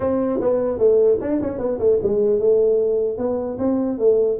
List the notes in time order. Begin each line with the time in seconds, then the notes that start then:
0.00 C4
0.40 B3
0.78 A3
1.20 D4
1.41 C#4
1.58 B3
1.79 A3
2.02 G#3
2.39 A3
3.17 B3
3.58 C4
3.98 A3